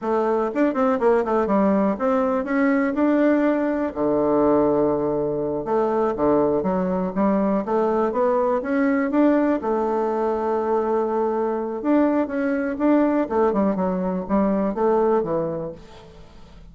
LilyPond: \new Staff \with { instrumentName = "bassoon" } { \time 4/4 \tempo 4 = 122 a4 d'8 c'8 ais8 a8 g4 | c'4 cis'4 d'2 | d2.~ d8 a8~ | a8 d4 fis4 g4 a8~ |
a8 b4 cis'4 d'4 a8~ | a1 | d'4 cis'4 d'4 a8 g8 | fis4 g4 a4 e4 | }